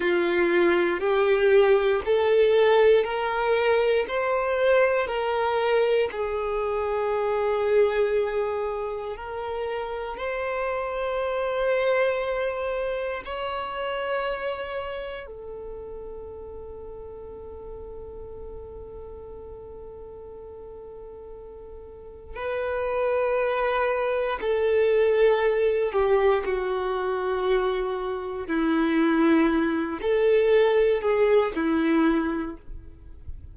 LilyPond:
\new Staff \with { instrumentName = "violin" } { \time 4/4 \tempo 4 = 59 f'4 g'4 a'4 ais'4 | c''4 ais'4 gis'2~ | gis'4 ais'4 c''2~ | c''4 cis''2 a'4~ |
a'1~ | a'2 b'2 | a'4. g'8 fis'2 | e'4. a'4 gis'8 e'4 | }